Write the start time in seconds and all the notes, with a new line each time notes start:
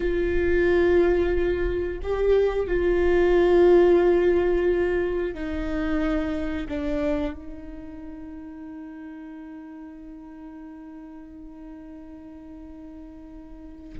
0.00 F4
2.02 G4
2.67 F4
5.34 D#4
6.68 D4
7.33 D#4